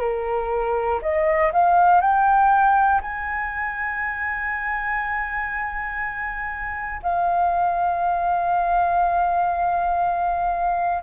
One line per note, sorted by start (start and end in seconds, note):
0.00 1.00 A#4
1.01 1.51 D#5
1.52 2.01 F5
2.01 3.01 G5
3.01 7.01 G#5
7.02 11.02 F5